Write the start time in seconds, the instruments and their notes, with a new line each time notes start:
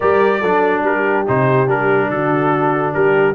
0.00 tuba G3, trombone G4, horn A#4, trumpet D5
0.40 tuba F#3, trombone D4, horn A4
0.82 tuba G3, horn G4, trumpet A#4
1.26 tuba C3, trombone D#4, trumpet C5
1.67 tuba G3, trombone D4, trumpet A#4
2.09 tuba D3, horn F#4, trumpet A4
2.93 tuba G3, horn G4, trumpet A#4